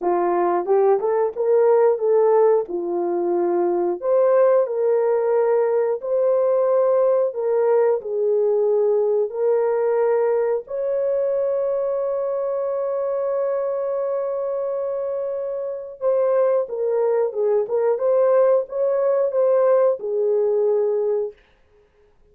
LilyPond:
\new Staff \with { instrumentName = "horn" } { \time 4/4 \tempo 4 = 90 f'4 g'8 a'8 ais'4 a'4 | f'2 c''4 ais'4~ | ais'4 c''2 ais'4 | gis'2 ais'2 |
cis''1~ | cis''1 | c''4 ais'4 gis'8 ais'8 c''4 | cis''4 c''4 gis'2 | }